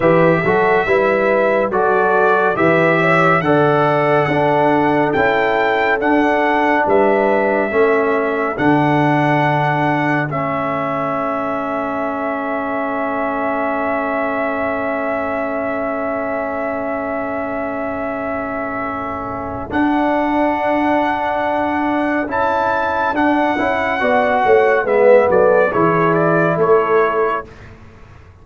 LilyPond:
<<
  \new Staff \with { instrumentName = "trumpet" } { \time 4/4 \tempo 4 = 70 e''2 d''4 e''4 | fis''2 g''4 fis''4 | e''2 fis''2 | e''1~ |
e''1~ | e''2. fis''4~ | fis''2 a''4 fis''4~ | fis''4 e''8 d''8 cis''8 d''8 cis''4 | }
  \new Staff \with { instrumentName = "horn" } { \time 4/4 b'8 a'8 b'4 a'4 b'8 cis''8 | d''4 a'2. | b'4 a'2.~ | a'1~ |
a'1~ | a'1~ | a'1 | d''8 cis''8 b'8 a'8 gis'4 a'4 | }
  \new Staff \with { instrumentName = "trombone" } { \time 4/4 g'8 fis'8 e'4 fis'4 g'4 | a'4 d'4 e'4 d'4~ | d'4 cis'4 d'2 | cis'1~ |
cis'1~ | cis'2. d'4~ | d'2 e'4 d'8 e'8 | fis'4 b4 e'2 | }
  \new Staff \with { instrumentName = "tuba" } { \time 4/4 e8 fis8 g4 fis4 e4 | d4 d'4 cis'4 d'4 | g4 a4 d2 | a1~ |
a1~ | a2. d'4~ | d'2 cis'4 d'8 cis'8 | b8 a8 gis8 fis8 e4 a4 | }
>>